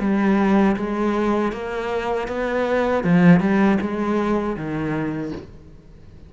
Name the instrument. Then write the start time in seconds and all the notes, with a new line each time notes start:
cello
0.00 G3
0.76 G#3
1.52 A#3
2.28 B3
3.04 F3
3.40 G3
3.81 G#3
4.56 D#3